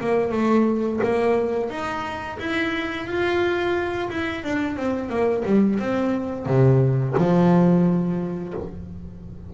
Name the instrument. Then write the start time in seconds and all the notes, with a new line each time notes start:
double bass
0.00 A#3
0.32 A3
1.03 A#3
1.70 D#4
2.39 E4
3.07 F4
4.10 E4
4.44 D4
4.76 C4
5.09 A#3
5.45 G3
5.79 C4
6.46 C3
7.17 F3